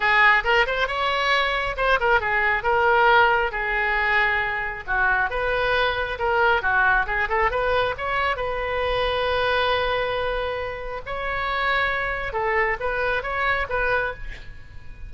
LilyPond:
\new Staff \with { instrumentName = "oboe" } { \time 4/4 \tempo 4 = 136 gis'4 ais'8 c''8 cis''2 | c''8 ais'8 gis'4 ais'2 | gis'2. fis'4 | b'2 ais'4 fis'4 |
gis'8 a'8 b'4 cis''4 b'4~ | b'1~ | b'4 cis''2. | a'4 b'4 cis''4 b'4 | }